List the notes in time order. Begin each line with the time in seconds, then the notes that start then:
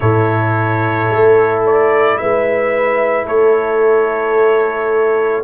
0.00 A2 E4 A4 C#5
1.10 A3
1.65 D5
2.17 G#3 B4 E5
3.25 A3 A4 C#5